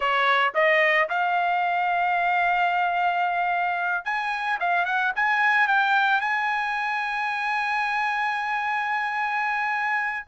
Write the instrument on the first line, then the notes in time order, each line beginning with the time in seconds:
trumpet
0.00 C#5
0.54 D#5
1.09 F5
4.04 G#5
4.59 F5
4.85 F#5
5.15 G#5
5.67 G5
6.20 G#5